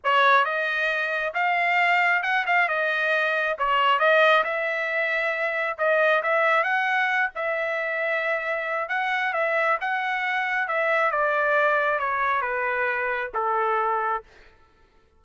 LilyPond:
\new Staff \with { instrumentName = "trumpet" } { \time 4/4 \tempo 4 = 135 cis''4 dis''2 f''4~ | f''4 fis''8 f''8 dis''2 | cis''4 dis''4 e''2~ | e''4 dis''4 e''4 fis''4~ |
fis''8 e''2.~ e''8 | fis''4 e''4 fis''2 | e''4 d''2 cis''4 | b'2 a'2 | }